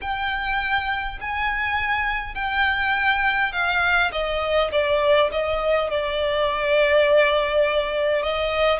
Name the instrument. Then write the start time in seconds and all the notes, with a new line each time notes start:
violin
0.01 G5
1.20 G#5
2.34 G5
3.52 F5
4.12 D#5
4.71 D5
5.31 D#5
5.90 D5
8.22 D#5